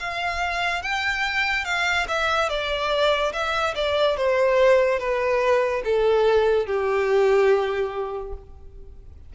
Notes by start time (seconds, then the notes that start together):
0.00 F5
0.83 G5
1.65 F5
2.08 E5
2.50 D5
3.33 E5
3.75 D5
4.17 C5
5.00 B4
5.84 A4
6.67 G4